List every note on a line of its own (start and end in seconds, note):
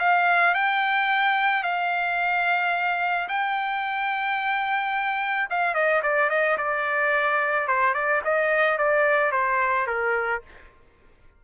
0.00 0.55 F5
0.55 1.64 G5
1.64 3.29 F5
3.29 5.49 G5
5.50 5.75 F5
5.75 6.02 D#5
6.04 6.30 D5
6.30 6.58 D#5
6.58 7.68 D5
7.68 7.94 C5
7.94 8.22 D5
8.25 8.78 D#5
8.78 9.32 D5
9.32 9.87 C5
9.87 10.42 A#4